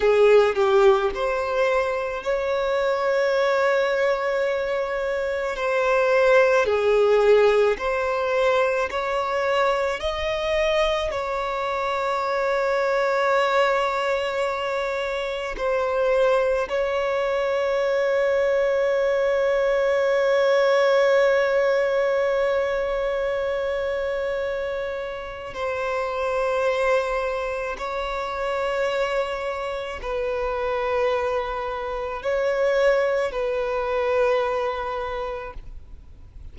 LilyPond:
\new Staff \with { instrumentName = "violin" } { \time 4/4 \tempo 4 = 54 gis'8 g'8 c''4 cis''2~ | cis''4 c''4 gis'4 c''4 | cis''4 dis''4 cis''2~ | cis''2 c''4 cis''4~ |
cis''1~ | cis''2. c''4~ | c''4 cis''2 b'4~ | b'4 cis''4 b'2 | }